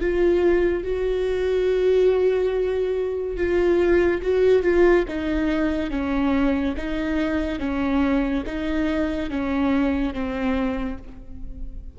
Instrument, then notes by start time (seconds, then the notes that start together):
viola
0.00 F4
0.83 F#4
3.36 F4
4.22 F#4
4.62 F4
5.08 D#4
5.90 C#4
6.77 D#4
7.59 C#4
8.46 D#4
9.30 C#4
10.14 C4